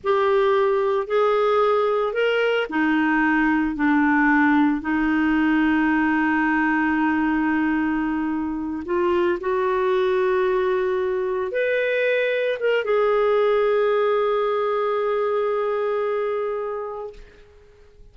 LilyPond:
\new Staff \with { instrumentName = "clarinet" } { \time 4/4 \tempo 4 = 112 g'2 gis'2 | ais'4 dis'2 d'4~ | d'4 dis'2.~ | dis'1~ |
dis'8 f'4 fis'2~ fis'8~ | fis'4. b'2 ais'8 | gis'1~ | gis'1 | }